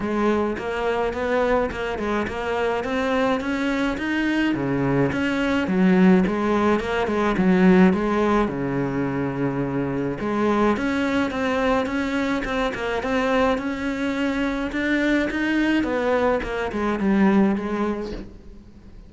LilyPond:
\new Staff \with { instrumentName = "cello" } { \time 4/4 \tempo 4 = 106 gis4 ais4 b4 ais8 gis8 | ais4 c'4 cis'4 dis'4 | cis4 cis'4 fis4 gis4 | ais8 gis8 fis4 gis4 cis4~ |
cis2 gis4 cis'4 | c'4 cis'4 c'8 ais8 c'4 | cis'2 d'4 dis'4 | b4 ais8 gis8 g4 gis4 | }